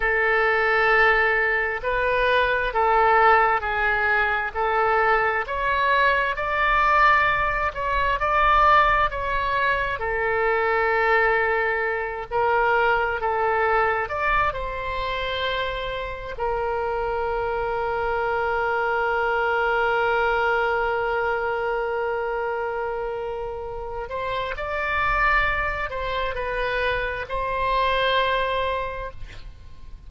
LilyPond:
\new Staff \with { instrumentName = "oboe" } { \time 4/4 \tempo 4 = 66 a'2 b'4 a'4 | gis'4 a'4 cis''4 d''4~ | d''8 cis''8 d''4 cis''4 a'4~ | a'4. ais'4 a'4 d''8 |
c''2 ais'2~ | ais'1~ | ais'2~ ais'8 c''8 d''4~ | d''8 c''8 b'4 c''2 | }